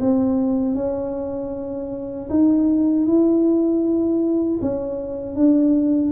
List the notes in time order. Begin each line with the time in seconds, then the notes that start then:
0.00 C4
0.75 C#4
2.29 D#4
3.06 E4
4.62 C#4
5.36 D4